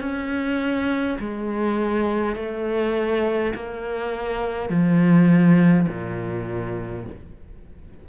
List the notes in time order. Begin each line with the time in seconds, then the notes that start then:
0.00 C#4
1.19 G#3
2.36 A3
3.55 A#3
4.69 F3
5.88 A#2